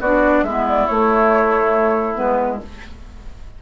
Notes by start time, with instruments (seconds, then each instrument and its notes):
0.00 bassoon B3, clarinet D4, oboe F#4, flute D5
0.43 bassoon G#3, clarinet B3, oboe E4, flute E5
0.69 flute D5
0.87 clarinet A3, bassoon A3, flute C#5
2.15 bassoon G#3, clarinet B3, flute B4